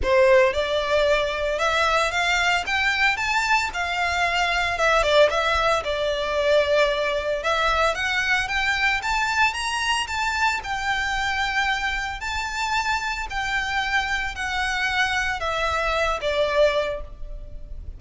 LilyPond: \new Staff \with { instrumentName = "violin" } { \time 4/4 \tempo 4 = 113 c''4 d''2 e''4 | f''4 g''4 a''4 f''4~ | f''4 e''8 d''8 e''4 d''4~ | d''2 e''4 fis''4 |
g''4 a''4 ais''4 a''4 | g''2. a''4~ | a''4 g''2 fis''4~ | fis''4 e''4. d''4. | }